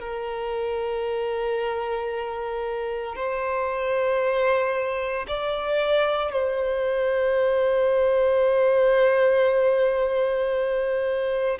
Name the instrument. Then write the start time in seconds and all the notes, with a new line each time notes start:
violin
0.00 A#4
3.15 C5
5.27 D5
6.32 C5